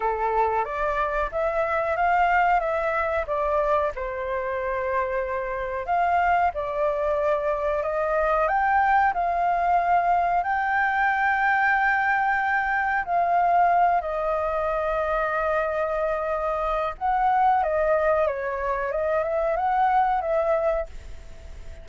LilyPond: \new Staff \with { instrumentName = "flute" } { \time 4/4 \tempo 4 = 92 a'4 d''4 e''4 f''4 | e''4 d''4 c''2~ | c''4 f''4 d''2 | dis''4 g''4 f''2 |
g''1 | f''4. dis''2~ dis''8~ | dis''2 fis''4 dis''4 | cis''4 dis''8 e''8 fis''4 e''4 | }